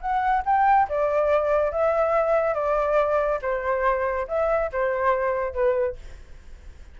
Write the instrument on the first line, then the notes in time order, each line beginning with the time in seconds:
flute
0.00 F#5
0.45 G5
0.89 D5
1.71 E5
2.54 D5
3.41 C5
4.27 E5
4.72 C5
5.53 B4